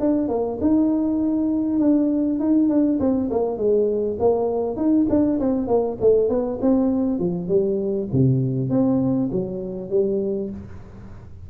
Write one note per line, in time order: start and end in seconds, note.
0.00 0.28 D4
0.28 0.58 A#3
0.61 1.80 D#4
1.80 2.40 D4
2.40 2.69 D#4
2.69 2.99 D4
3.00 3.30 C4
3.31 3.58 A#3
3.58 4.18 G#3
4.20 4.77 A#3
4.77 5.07 D#4
5.10 5.40 D4
5.40 5.68 C4
5.68 5.98 A#3
6.01 6.29 A3
6.29 6.59 B3
6.62 7.19 C4
7.19 7.48 F3
7.48 8.08 G3
8.13 8.70 C3
8.70 9.30 C4
9.32 9.90 F#3
9.90 10.50 G3